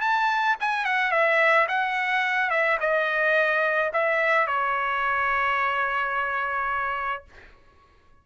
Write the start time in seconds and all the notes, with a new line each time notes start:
0.00 A5
0.60 G#5
0.84 F#5
1.11 E5
1.68 F#5
2.50 E5
2.80 D#5
3.93 E5
4.46 C#5